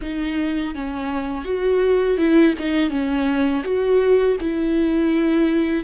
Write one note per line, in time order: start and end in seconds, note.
0.01 0.74 D#4
0.74 1.44 C#4
1.44 2.17 F#4
2.17 2.54 E4
2.58 2.89 D#4
2.89 3.63 C#4
3.63 4.36 F#4
4.40 5.84 E4